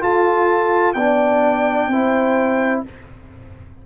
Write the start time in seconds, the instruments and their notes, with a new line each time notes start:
0.00 trombone F4, tuba F4, horn A4, trumpet A5
0.93 tuba B3, trombone D4, horn D5, trumpet G5
1.87 tuba C4, trombone E4, horn C5